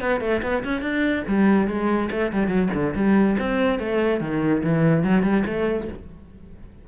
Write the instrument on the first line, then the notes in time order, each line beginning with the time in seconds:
cello
0.00 B3
0.20 A3
0.42 B3
0.64 C#4
0.81 D4
1.27 G3
1.67 G#3
2.11 A3
2.32 G3
2.47 F#3
2.73 D3
2.95 G3
3.38 C4
3.79 A3
4.20 D#3
4.63 E3
5.03 F#3
5.23 G3
5.46 A3